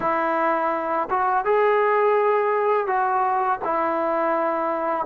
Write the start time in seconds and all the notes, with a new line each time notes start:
0.00 E4
1.09 F#4
1.44 G#4
2.87 F#4
3.64 E4